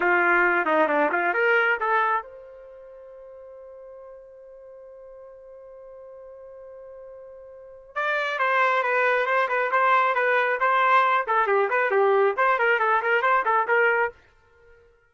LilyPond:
\new Staff \with { instrumentName = "trumpet" } { \time 4/4 \tempo 4 = 136 f'4. dis'8 d'8 f'8 ais'4 | a'4 c''2.~ | c''1~ | c''1~ |
c''2 d''4 c''4 | b'4 c''8 b'8 c''4 b'4 | c''4. a'8 g'8 b'8 g'4 | c''8 ais'8 a'8 ais'8 c''8 a'8 ais'4 | }